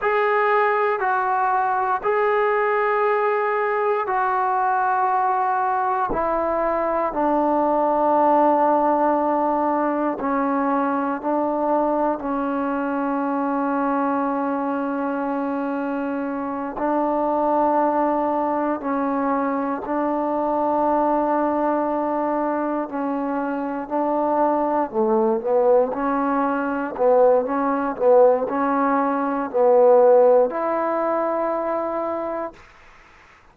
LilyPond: \new Staff \with { instrumentName = "trombone" } { \time 4/4 \tempo 4 = 59 gis'4 fis'4 gis'2 | fis'2 e'4 d'4~ | d'2 cis'4 d'4 | cis'1~ |
cis'8 d'2 cis'4 d'8~ | d'2~ d'8 cis'4 d'8~ | d'8 a8 b8 cis'4 b8 cis'8 b8 | cis'4 b4 e'2 | }